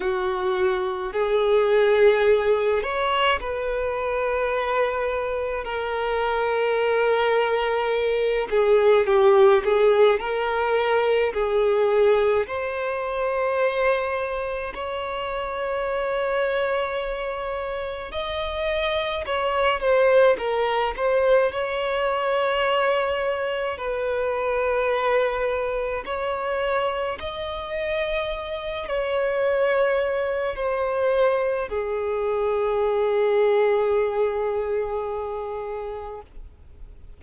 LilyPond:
\new Staff \with { instrumentName = "violin" } { \time 4/4 \tempo 4 = 53 fis'4 gis'4. cis''8 b'4~ | b'4 ais'2~ ais'8 gis'8 | g'8 gis'8 ais'4 gis'4 c''4~ | c''4 cis''2. |
dis''4 cis''8 c''8 ais'8 c''8 cis''4~ | cis''4 b'2 cis''4 | dis''4. cis''4. c''4 | gis'1 | }